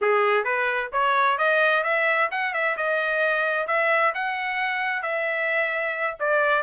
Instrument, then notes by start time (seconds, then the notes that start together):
trumpet
0.01 G#4
0.44 B4
0.92 C#5
1.37 D#5
1.83 E5
2.31 F#5
2.53 E5
2.76 D#5
3.67 E5
4.14 F#5
5.02 E5
6.19 D5